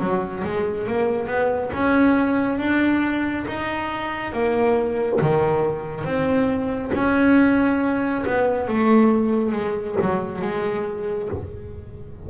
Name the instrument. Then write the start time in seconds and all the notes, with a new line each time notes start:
double bass
0.00 F#3
0.44 G#3
0.88 A#3
1.27 B3
1.73 C#4
2.59 D4
3.47 D#4
4.33 A#3
5.21 D#3
6.05 C4
6.94 C#4
8.26 B3
8.68 A3
9.53 G#3
10.02 F#3
10.42 G#3